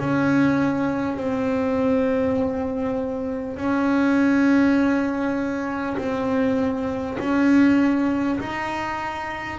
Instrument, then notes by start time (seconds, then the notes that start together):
double bass
0.00 C#4
1.17 C4
3.57 C#4
5.98 C4
7.19 C#4
8.40 D#4